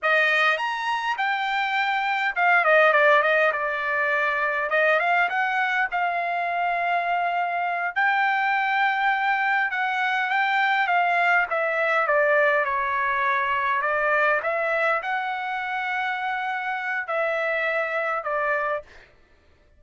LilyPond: \new Staff \with { instrumentName = "trumpet" } { \time 4/4 \tempo 4 = 102 dis''4 ais''4 g''2 | f''8 dis''8 d''8 dis''8 d''2 | dis''8 f''8 fis''4 f''2~ | f''4. g''2~ g''8~ |
g''8 fis''4 g''4 f''4 e''8~ | e''8 d''4 cis''2 d''8~ | d''8 e''4 fis''2~ fis''8~ | fis''4 e''2 d''4 | }